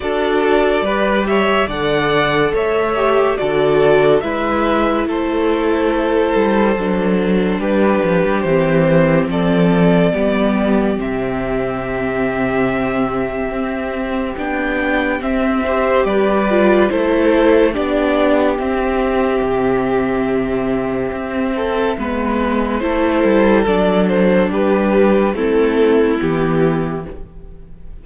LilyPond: <<
  \new Staff \with { instrumentName = "violin" } { \time 4/4 \tempo 4 = 71 d''4. e''8 fis''4 e''4 | d''4 e''4 c''2~ | c''4 b'4 c''4 d''4~ | d''4 e''2.~ |
e''4 g''4 e''4 d''4 | c''4 d''4 e''2~ | e''2. c''4 | d''8 c''8 b'4 a'4 g'4 | }
  \new Staff \with { instrumentName = "violin" } { \time 4/4 a'4 b'8 cis''8 d''4 cis''4 | a'4 b'4 a'2~ | a'4 g'2 a'4 | g'1~ |
g'2~ g'8 c''8 b'4 | a'4 g'2.~ | g'4. a'8 b'4 a'4~ | a'4 g'4 e'2 | }
  \new Staff \with { instrumentName = "viola" } { \time 4/4 fis'4 g'4 a'4. g'8 | fis'4 e'2. | d'2 c'2 | b4 c'2.~ |
c'4 d'4 c'8 g'4 f'8 | e'4 d'4 c'2~ | c'2 b4 e'4 | d'2 c'4 b4 | }
  \new Staff \with { instrumentName = "cello" } { \time 4/4 d'4 g4 d4 a4 | d4 gis4 a4. g8 | fis4 g8 f16 g16 e4 f4 | g4 c2. |
c'4 b4 c'4 g4 | a4 b4 c'4 c4~ | c4 c'4 gis4 a8 g8 | fis4 g4 a4 e4 | }
>>